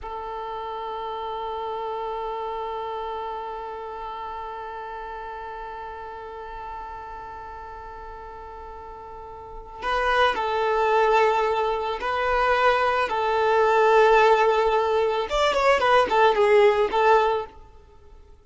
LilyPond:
\new Staff \with { instrumentName = "violin" } { \time 4/4 \tempo 4 = 110 a'1~ | a'1~ | a'1~ | a'1~ |
a'2 b'4 a'4~ | a'2 b'2 | a'1 | d''8 cis''8 b'8 a'8 gis'4 a'4 | }